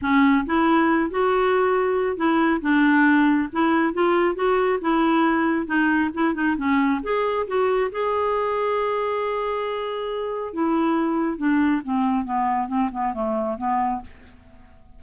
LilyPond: \new Staff \with { instrumentName = "clarinet" } { \time 4/4 \tempo 4 = 137 cis'4 e'4. fis'4.~ | fis'4 e'4 d'2 | e'4 f'4 fis'4 e'4~ | e'4 dis'4 e'8 dis'8 cis'4 |
gis'4 fis'4 gis'2~ | gis'1 | e'2 d'4 c'4 | b4 c'8 b8 a4 b4 | }